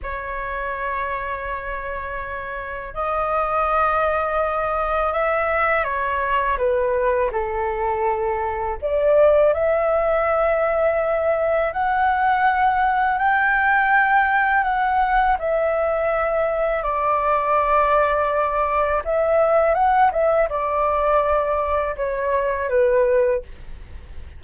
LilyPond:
\new Staff \with { instrumentName = "flute" } { \time 4/4 \tempo 4 = 82 cis''1 | dis''2. e''4 | cis''4 b'4 a'2 | d''4 e''2. |
fis''2 g''2 | fis''4 e''2 d''4~ | d''2 e''4 fis''8 e''8 | d''2 cis''4 b'4 | }